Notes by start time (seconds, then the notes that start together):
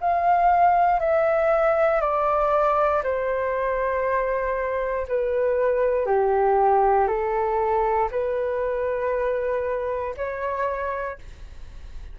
0.00 F5
0.99 E5
2.01 D5
3.03 C5
5.08 B4
6.06 G4
7.07 A4
8.11 B4
10.16 C#5